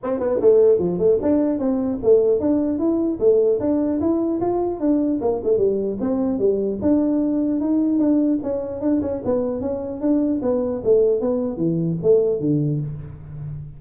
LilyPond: \new Staff \with { instrumentName = "tuba" } { \time 4/4 \tempo 4 = 150 c'8 b8 a4 f8 a8 d'4 | c'4 a4 d'4 e'4 | a4 d'4 e'4 f'4 | d'4 ais8 a8 g4 c'4 |
g4 d'2 dis'4 | d'4 cis'4 d'8 cis'8 b4 | cis'4 d'4 b4 a4 | b4 e4 a4 d4 | }